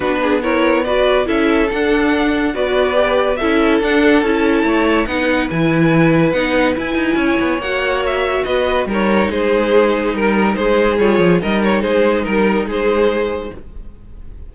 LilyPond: <<
  \new Staff \with { instrumentName = "violin" } { \time 4/4 \tempo 4 = 142 b'4 cis''4 d''4 e''4 | fis''2 d''2 | e''4 fis''4 a''2 | fis''4 gis''2 fis''4 |
gis''2 fis''4 e''4 | dis''4 cis''4 c''2 | ais'4 c''4 cis''4 dis''8 cis''8 | c''4 ais'4 c''2 | }
  \new Staff \with { instrumentName = "violin" } { \time 4/4 fis'8 gis'8 ais'4 b'4 a'4~ | a'2 b'2 | a'2. cis''4 | b'1~ |
b'4 cis''2. | b'4 ais'4 gis'2 | ais'4 gis'2 ais'4 | gis'4 ais'4 gis'2 | }
  \new Staff \with { instrumentName = "viola" } { \time 4/4 d'4 e'4 fis'4 e'4 | d'2 fis'4 g'4 | e'4 d'4 e'2 | dis'4 e'2 dis'4 |
e'2 fis'2~ | fis'4 dis'2.~ | dis'2 f'4 dis'4~ | dis'1 | }
  \new Staff \with { instrumentName = "cello" } { \time 4/4 b2. cis'4 | d'2 b2 | cis'4 d'4 cis'4 a4 | b4 e2 b4 |
e'8 dis'8 cis'8 b8 ais2 | b4 g4 gis2 | g4 gis4 g8 f8 g4 | gis4 g4 gis2 | }
>>